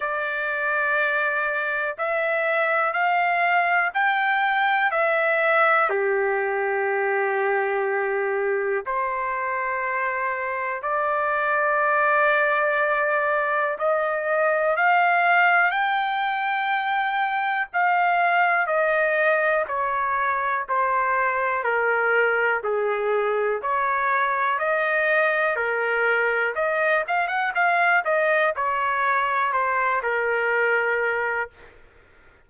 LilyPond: \new Staff \with { instrumentName = "trumpet" } { \time 4/4 \tempo 4 = 61 d''2 e''4 f''4 | g''4 e''4 g'2~ | g'4 c''2 d''4~ | d''2 dis''4 f''4 |
g''2 f''4 dis''4 | cis''4 c''4 ais'4 gis'4 | cis''4 dis''4 ais'4 dis''8 f''16 fis''16 | f''8 dis''8 cis''4 c''8 ais'4. | }